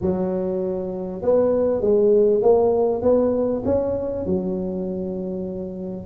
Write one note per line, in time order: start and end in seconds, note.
0.01 1.21 F#3
1.21 1.81 B3
1.81 2.42 G#3
2.42 3.02 A#3
3.02 3.62 B3
3.65 4.26 C#4
4.26 6.06 F#3